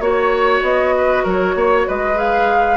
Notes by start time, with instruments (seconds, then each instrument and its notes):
0.00 bassoon A#3, clarinet F#4, flute C#5, oboe C#5
0.62 bassoon B3, flute D#5
0.98 oboe B4
1.24 bassoon F#3, oboe A#4, flute C#5
1.55 bassoon A#3, oboe C#5
1.88 bassoon G#3, oboe B4, flute D#5
2.15 clarinet G#4, flute F5